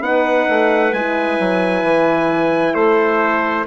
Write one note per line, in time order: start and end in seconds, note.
0.00 0.46 B3
0.00 0.91 D#4
0.00 2.74 B4
0.00 0.93 F#5
0.49 0.92 A3
0.92 1.38 G#3
0.92 3.66 E4
0.92 2.74 G#5
1.39 1.82 F#3
1.82 2.73 E3
2.74 3.66 A3
2.74 3.65 A4
2.74 3.65 C5